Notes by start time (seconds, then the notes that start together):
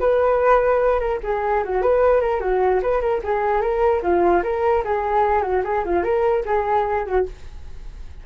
0.00 B4
1.00 A#4
1.23 G#4
1.64 F#4
1.82 B4
2.21 A#4
2.41 F#4
2.82 B4
3.01 A#4
3.23 G#4
3.61 A#4
4.02 F4
4.43 A#4
4.84 G#4
5.42 F#4
5.64 G#4
5.85 F4
6.03 A#4
6.45 G#4
7.06 F#4